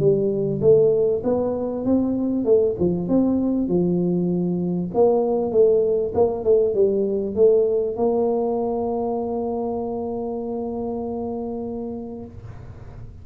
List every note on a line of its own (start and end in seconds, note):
0.00 0.61 G3
0.62 1.23 A3
1.24 1.85 B3
1.86 2.45 C4
2.45 2.76 A3
2.80 3.09 F3
3.09 3.68 C4
3.68 4.91 F3
4.94 5.52 A#3
5.52 6.13 A3
6.15 6.44 A#3
6.44 6.75 A3
6.75 7.35 G3
7.35 7.96 A3
7.97 12.25 A#3